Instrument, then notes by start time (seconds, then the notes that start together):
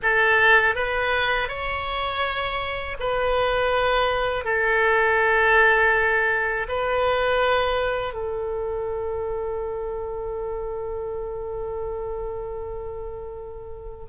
oboe
0.02 A4
0.75 B4
1.48 C#5
2.99 B4
4.44 A4
6.68 B4
8.13 A4